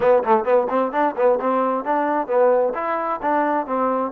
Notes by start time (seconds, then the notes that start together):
0.00 B3
0.23 A3
0.44 B3
0.69 C4
0.92 D4
1.16 B3
1.40 C4
1.84 D4
2.27 B3
2.74 E4
3.21 D4
3.66 C4